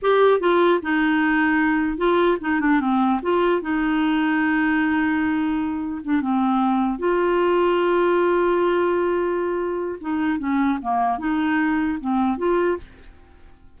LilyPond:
\new Staff \with { instrumentName = "clarinet" } { \time 4/4 \tempo 4 = 150 g'4 f'4 dis'2~ | dis'4 f'4 dis'8 d'8 c'4 | f'4 dis'2.~ | dis'2. d'8 c'8~ |
c'4. f'2~ f'8~ | f'1~ | f'4 dis'4 cis'4 ais4 | dis'2 c'4 f'4 | }